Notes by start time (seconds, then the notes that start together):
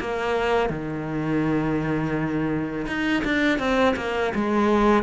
0.00 A#3
0.70 D#3
2.87 D#4
3.24 D4
3.59 C4
3.96 A#3
4.35 G#3